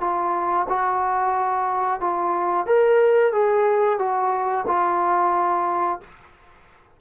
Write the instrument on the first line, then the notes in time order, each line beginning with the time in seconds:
trombone
0.00 F4
0.68 F#4
2.00 F4
2.66 A#4
3.32 G#4
3.98 F#4
4.67 F4